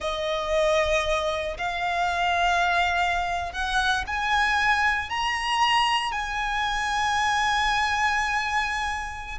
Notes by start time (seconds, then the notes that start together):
0.00 D#5
1.57 F5
3.52 F#5
4.06 G#5
5.09 A#5
6.12 G#5